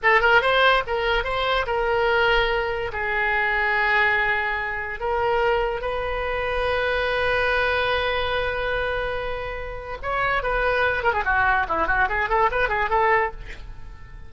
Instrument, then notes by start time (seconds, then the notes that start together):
oboe
0.02 A4
0.20 A#4
0.41 C5
0.87 A#4
1.24 C5
1.66 A#4
2.92 G#4
5.00 A#4
5.81 B4
10.02 C#5
10.42 B4
11.03 A#4
11.13 G#4
11.24 F#4
11.68 E4
11.87 F#4
12.08 G#4
12.29 A4
12.51 B4
12.68 G#4
12.89 A4